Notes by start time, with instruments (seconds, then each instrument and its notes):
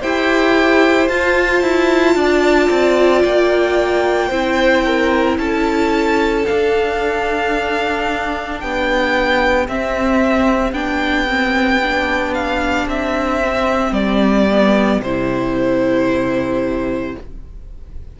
0.00 cello E4, viola G4, violin C5 G5
1.08 cello F4, viola F4, violin A5
1.62 cello E4
2.15 cello D4, violin D5
2.70 cello C4
3.24 cello A#3, violin G5
4.28 cello C4, viola E4, violin C5
4.84 violin A#4
5.37 cello C#4, violin A4 A5
6.46 viola D4, cello D4, violin F5
8.60 cello B3, violin G4 G5
9.68 cello C4, viola C4, violin E5
10.72 cello B3, viola D4, violin G5
11.27 viola C4
11.82 viola D4
12.34 violin F5
12.86 cello C4, violin E5
13.42 viola C4
13.92 cello G3, violin D5
14.50 viola B3
15.00 cello C3, viola E4, violin C5